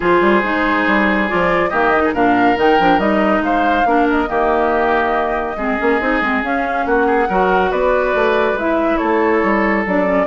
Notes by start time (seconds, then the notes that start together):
0.00 F3 F4 G#4 C5
0.21 G3
0.43 G#3 D#4
0.87 G3
1.28 F3 F4 D5
1.69 D#3 A#3 G4 D#5
1.96 D#4
2.04 G#4
2.13 A#2 D4 A#4 F5
2.56 D#3 D#4 G5
2.79 F3 D4
2.98 G3 D#4 D#5
3.40 G#3 C5 F5
3.85 A#3 D4 A#4
4.09 D#5
4.27 D#3 A#3 G4
5.56 G#3 C4 G#4
5.78 A#3 C#4
6.00 C4 D#4
6.21 G#3 C4
6.42 C#4 F5
6.85 A#3 F#4 F#5
7.06 G#4
7.29 F#3 F#4 A#4
7.70 B3 B4 D5
8.14 A3
8.53 G#3 E4 E5
8.97 A3 A4 C#5
9.43 G3
9.85 F#3 D4 D5
10.04 C#4